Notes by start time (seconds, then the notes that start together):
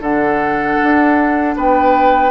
0.00 D3 D4 A4 F#5
0.83 D4
1.56 B3 B4 G5